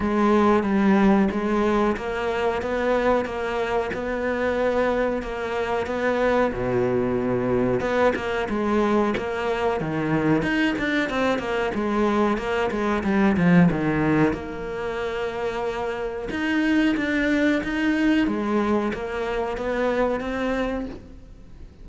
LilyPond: \new Staff \with { instrumentName = "cello" } { \time 4/4 \tempo 4 = 92 gis4 g4 gis4 ais4 | b4 ais4 b2 | ais4 b4 b,2 | b8 ais8 gis4 ais4 dis4 |
dis'8 d'8 c'8 ais8 gis4 ais8 gis8 | g8 f8 dis4 ais2~ | ais4 dis'4 d'4 dis'4 | gis4 ais4 b4 c'4 | }